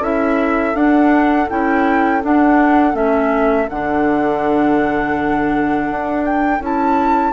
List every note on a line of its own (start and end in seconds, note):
0.00 0.74 C#4
0.00 0.75 E4
0.00 7.32 A4
0.00 0.76 E5
0.75 1.48 D4
0.75 1.49 F#5
1.50 2.23 C#4
1.50 2.22 E4
1.50 2.23 G5
2.22 2.94 D4
2.22 2.95 D4
2.22 2.96 F#5
2.94 3.68 A3
2.94 3.67 C#4
2.94 3.69 E5
3.70 5.90 D3
3.70 6.62 D4
3.70 6.25 F#5
5.90 6.60 D4
6.25 6.62 G5
6.60 7.33 C#4
6.60 7.34 E4
6.60 7.34 A5